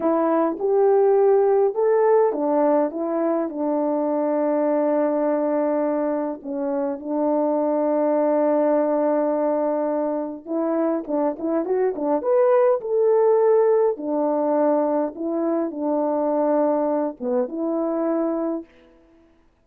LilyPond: \new Staff \with { instrumentName = "horn" } { \time 4/4 \tempo 4 = 103 e'4 g'2 a'4 | d'4 e'4 d'2~ | d'2. cis'4 | d'1~ |
d'2 e'4 d'8 e'8 | fis'8 d'8 b'4 a'2 | d'2 e'4 d'4~ | d'4. b8 e'2 | }